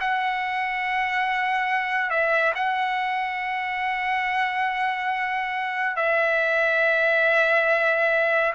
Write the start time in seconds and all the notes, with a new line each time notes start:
0.00 F#5
2.10 E5
2.55 F#5
5.96 E5